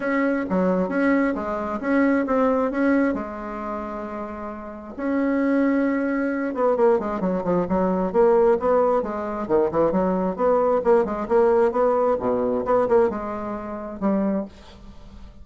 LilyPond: \new Staff \with { instrumentName = "bassoon" } { \time 4/4 \tempo 4 = 133 cis'4 fis4 cis'4 gis4 | cis'4 c'4 cis'4 gis4~ | gis2. cis'4~ | cis'2~ cis'8 b8 ais8 gis8 |
fis8 f8 fis4 ais4 b4 | gis4 dis8 e8 fis4 b4 | ais8 gis8 ais4 b4 b,4 | b8 ais8 gis2 g4 | }